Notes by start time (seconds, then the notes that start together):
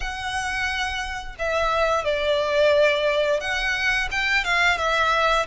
0.00 F#5
1.39 E5
2.04 D5
3.40 F#5
4.11 G5
4.44 F5
4.77 E5